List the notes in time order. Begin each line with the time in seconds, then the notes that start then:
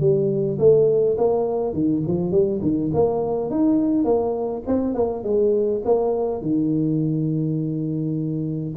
0.00 G3
0.59 A3
1.18 A#3
1.73 D#3
2.07 F3
2.31 G3
2.62 D#3
2.94 A#3
3.51 D#4
4.05 A#3
4.67 C4
4.95 A#3
5.24 G#3
5.85 A#3
6.42 D#3